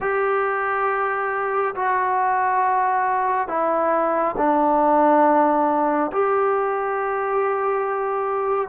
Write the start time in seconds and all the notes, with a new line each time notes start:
0.00 G4
1.75 F#4
3.48 E4
4.37 D4
6.12 G4